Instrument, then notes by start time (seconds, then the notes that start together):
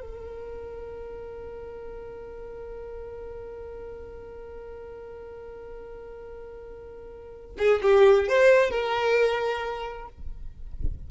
violin
0.00 A#4
7.58 G#4
7.82 G4
8.28 C5
8.70 A#4